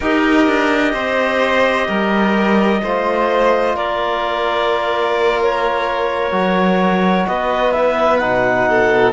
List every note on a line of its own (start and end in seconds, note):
0.00 0.47 D#4
0.00 2.82 G4
0.00 0.92 A#4
0.00 3.76 D#5
0.47 0.93 D4
0.93 1.87 C4
0.93 1.87 C5
1.87 2.82 G3
1.87 2.81 A#4
2.83 3.74 A3
2.83 6.31 F4
2.83 3.75 C5
3.74 6.31 A#3
3.74 7.27 A#4
3.74 5.40 D5
5.42 7.27 C#5
6.31 7.25 F#3
6.31 7.72 F#4
7.27 8.22 B3
7.27 8.68 B4
7.27 7.71 D#5
7.71 8.19 E4
7.71 8.17 E5
8.17 9.13 B2
8.17 9.13 D#4
8.17 9.11 F#5
8.68 9.13 A4